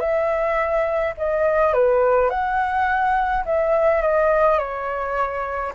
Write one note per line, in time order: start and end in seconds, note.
0.00 1.14 E5
1.18 1.74 D#5
1.74 2.30 B4
2.30 3.44 F#5
3.45 4.02 E5
4.02 4.59 D#5
4.59 5.73 C#5